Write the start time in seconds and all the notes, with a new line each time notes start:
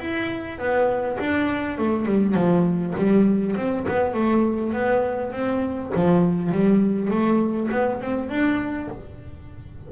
0.00 E4
0.59 B3
1.20 D4
1.78 A3
2.05 G3
2.34 F3
2.97 G3
3.56 C4
3.88 B3
4.14 A3
4.73 B3
5.32 C4
5.95 F3
6.52 G3
7.10 A3
7.72 B3
8.01 C4
8.30 D4